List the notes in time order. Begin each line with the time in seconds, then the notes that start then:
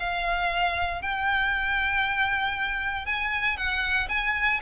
0.00 F5
1.02 G5
3.06 G#5
3.58 F#5
4.09 G#5